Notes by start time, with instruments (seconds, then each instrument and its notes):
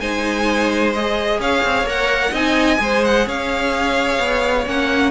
0.00 cello G#3, viola D#4, violin C5 G#5
0.93 viola G#4, violin D#5
1.40 cello C#4, violin C#5 F5
1.64 cello C4
1.84 cello A#3, viola A#4, violin F#5
2.31 cello C4, viola D#4, violin D#5 G#5
2.77 cello G#3, viola G#4, violin C5
3.05 violin F#5
3.26 cello C#4, violin C#5 F5
4.19 cello B3
4.66 cello A#3, viola C#4, violin F#5